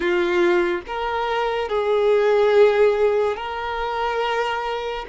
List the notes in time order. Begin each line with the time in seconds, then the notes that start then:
0.00 F4
0.86 A#4
1.69 G#4
3.36 A#4